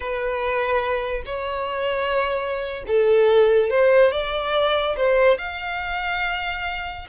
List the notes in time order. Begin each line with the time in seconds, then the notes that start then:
0.00 B4
1.25 C#5
2.87 A4
3.70 C5
4.11 D5
4.96 C5
5.38 F5